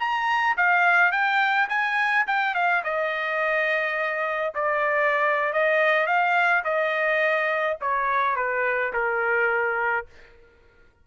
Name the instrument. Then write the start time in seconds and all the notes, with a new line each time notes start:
trumpet
0.00 A#5
0.57 F5
1.12 G5
1.69 G#5
2.27 G5
2.55 F5
2.84 D#5
4.55 D5
5.53 D#5
6.07 F5
6.64 D#5
7.81 C#5
8.36 B4
8.93 A#4